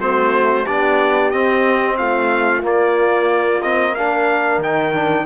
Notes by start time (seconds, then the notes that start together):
0.00 A3 C4 F#4 C5
0.65 B3 D4 G4 D5
1.31 C4 D#5
1.98 A3 F4 F5
2.63 A#3 D5
3.62 C4 D#5
3.95 D4 A#4 F5
4.59 D#3 D#4 G5
4.94 D4